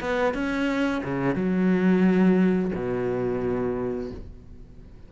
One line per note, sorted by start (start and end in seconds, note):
0.00 0.34 B3
0.34 1.02 C#4
1.04 1.35 C#3
1.35 2.71 F#3
2.75 4.11 B2